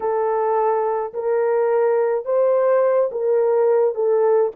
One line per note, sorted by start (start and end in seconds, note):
0.00 1.13 A4
1.13 2.25 A#4
2.25 3.10 C5
3.11 3.94 A#4
3.94 4.51 A4